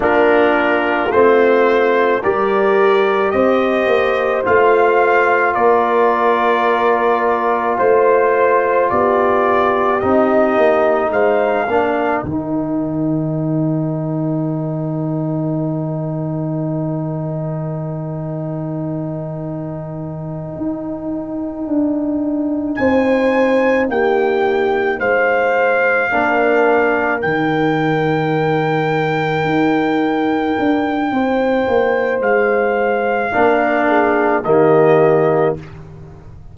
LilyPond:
<<
  \new Staff \with { instrumentName = "trumpet" } { \time 4/4 \tempo 4 = 54 ais'4 c''4 d''4 dis''4 | f''4 d''2 c''4 | d''4 dis''4 f''4 g''4~ | g''1~ |
g''1~ | g''8 gis''4 g''4 f''4.~ | f''8 g''2.~ g''8~ | g''4 f''2 dis''4 | }
  \new Staff \with { instrumentName = "horn" } { \time 4/4 f'2 ais'4 c''4~ | c''4 ais'2 c''4 | g'2 c''8 ais'4.~ | ais'1~ |
ais'1~ | ais'8 c''4 g'4 c''4 ais'8~ | ais'1 | c''2 ais'8 gis'8 g'4 | }
  \new Staff \with { instrumentName = "trombone" } { \time 4/4 d'4 c'4 g'2 | f'1~ | f'4 dis'4. d'8 dis'4~ | dis'1~ |
dis'1~ | dis'2.~ dis'8 d'8~ | d'8 dis'2.~ dis'8~ | dis'2 d'4 ais4 | }
  \new Staff \with { instrumentName = "tuba" } { \time 4/4 ais4 a4 g4 c'8 ais8 | a4 ais2 a4 | b4 c'8 ais8 gis8 ais8 dis4~ | dis1~ |
dis2~ dis8 dis'4 d'8~ | d'8 c'4 ais4 gis4 ais8~ | ais8 dis2 dis'4 d'8 | c'8 ais8 gis4 ais4 dis4 | }
>>